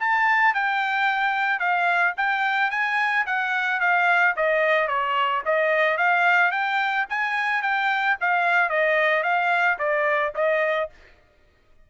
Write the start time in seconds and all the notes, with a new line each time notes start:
0.00 A5
0.55 G5
1.60 F5
2.17 G5
2.71 G#5
3.27 F#5
3.81 F5
4.37 D#5
4.88 C#5
5.46 D#5
5.98 F5
6.52 G5
7.10 G#5
7.62 G5
8.21 F5
8.70 D#5
9.24 F5
9.79 D5
10.35 D#5